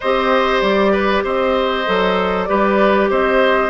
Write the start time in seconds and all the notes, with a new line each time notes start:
0.00 C4 G4 C5 D#5
0.61 G3 D5
0.92 B4
1.24 C4 C5 D#5
1.86 F#3 A4
2.44 G3 G4 B4 D5
3.10 C4 C5 D#5